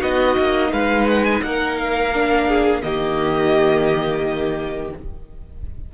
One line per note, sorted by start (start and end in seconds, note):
0.00 0.37 B3
0.00 2.10 D#4
0.00 0.70 F#4
0.00 0.73 D#5
0.38 0.73 A#3
0.73 1.42 G#3
0.73 1.43 B4
0.73 1.08 F5
1.09 1.25 F#5
1.25 1.42 G#5
1.43 2.83 A#3
1.43 2.48 A#4
1.43 1.78 F#5
1.78 2.82 F5
2.14 2.83 D4
2.48 2.83 G#4
2.82 4.93 D#3
2.82 4.92 A#3
2.82 4.94 G4
2.82 4.92 D#5